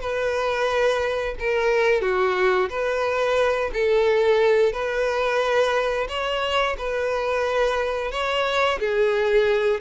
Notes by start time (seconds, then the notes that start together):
0.00 B4
1.39 A#4
2.01 F#4
2.69 B4
3.73 A4
4.72 B4
6.09 C#5
6.78 B4
8.11 C#5
8.79 G#4